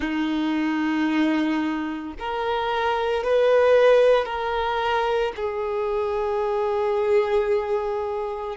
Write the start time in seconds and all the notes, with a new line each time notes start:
0.00 D#4
2.19 A#4
3.23 B4
4.25 A#4
5.36 G#4